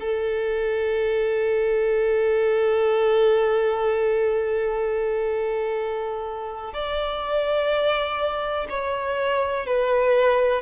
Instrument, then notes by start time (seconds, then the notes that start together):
violin
0.00 A4
6.74 D5
8.70 C#5
9.66 B4